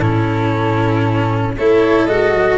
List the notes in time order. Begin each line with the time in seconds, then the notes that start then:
0.00 A2 C#4 E4 A4
1.57 A3 E4 A4 C#5
2.06 G#3 F#4 D#5
2.33 F#3